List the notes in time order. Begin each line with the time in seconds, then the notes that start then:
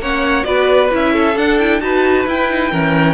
0.00 A#3 C#4 C#5 F#5
0.44 B3 F#4 B4 D5
0.91 C#4 E4 E5
1.13 A4
1.36 D4 F#5
1.59 E4 G5
1.81 D#4 F#4 B4 A5
2.27 E4 G5
2.50 D#4
2.72 E3 C#4 A#4